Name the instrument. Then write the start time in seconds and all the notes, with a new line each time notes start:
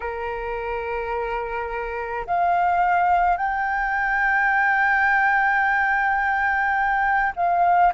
flute
0.00 A#4
2.26 F5
3.37 G5
7.36 F5